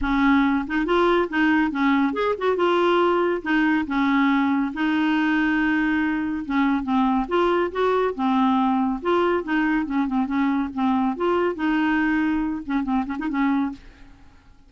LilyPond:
\new Staff \with { instrumentName = "clarinet" } { \time 4/4 \tempo 4 = 140 cis'4. dis'8 f'4 dis'4 | cis'4 gis'8 fis'8 f'2 | dis'4 cis'2 dis'4~ | dis'2. cis'4 |
c'4 f'4 fis'4 c'4~ | c'4 f'4 dis'4 cis'8 c'8 | cis'4 c'4 f'4 dis'4~ | dis'4. cis'8 c'8 cis'16 dis'16 cis'4 | }